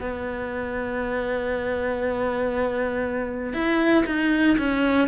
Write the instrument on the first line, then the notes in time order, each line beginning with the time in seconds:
cello
0.00 B3
3.53 E4
4.06 D#4
4.58 C#4